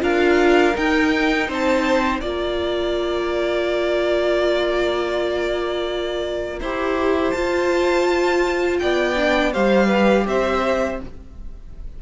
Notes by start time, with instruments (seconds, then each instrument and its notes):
0.00 cello D4, viola F4, violin A#4 F5
0.75 viola D#4, cello D#4, violin G5
1.48 cello C4, violin C5 A5
2.21 cello A#3, viola F4, violin D5 A#5
6.61 cello E4, viola G4, violin C5
7.31 cello F4, viola F4, violin A5
8.80 cello B3, violin D5 G5
9.17 viola D4
9.54 cello G3, viola G4, violin C5 F5
9.88 violin B4
10.27 cello C4, violin C5 E5